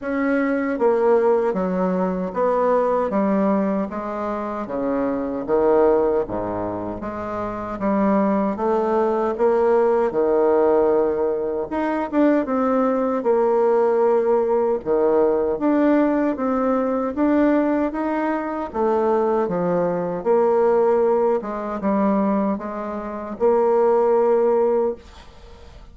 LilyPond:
\new Staff \with { instrumentName = "bassoon" } { \time 4/4 \tempo 4 = 77 cis'4 ais4 fis4 b4 | g4 gis4 cis4 dis4 | gis,4 gis4 g4 a4 | ais4 dis2 dis'8 d'8 |
c'4 ais2 dis4 | d'4 c'4 d'4 dis'4 | a4 f4 ais4. gis8 | g4 gis4 ais2 | }